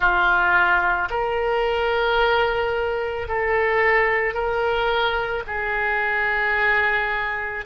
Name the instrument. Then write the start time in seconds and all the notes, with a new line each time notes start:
oboe
0.00 F4
1.10 A#4
3.27 A4
4.33 A#4
5.46 G#4